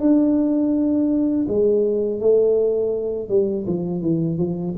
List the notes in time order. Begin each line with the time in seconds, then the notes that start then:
0.00 D4
1.48 G#3
2.21 A3
3.29 G3
3.67 F3
4.01 E3
4.38 F3